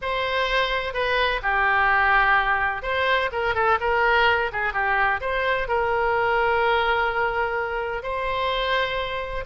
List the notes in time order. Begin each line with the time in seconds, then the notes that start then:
0.01 C5
0.93 B4
1.42 G4
2.82 C5
3.32 A#4
3.54 A4
3.80 A#4
4.52 G#4
4.73 G4
5.20 C5
5.68 A#4
8.03 C5